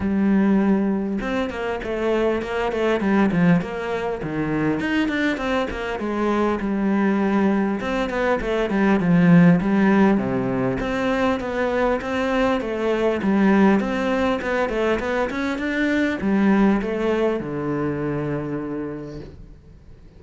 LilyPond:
\new Staff \with { instrumentName = "cello" } { \time 4/4 \tempo 4 = 100 g2 c'8 ais8 a4 | ais8 a8 g8 f8 ais4 dis4 | dis'8 d'8 c'8 ais8 gis4 g4~ | g4 c'8 b8 a8 g8 f4 |
g4 c4 c'4 b4 | c'4 a4 g4 c'4 | b8 a8 b8 cis'8 d'4 g4 | a4 d2. | }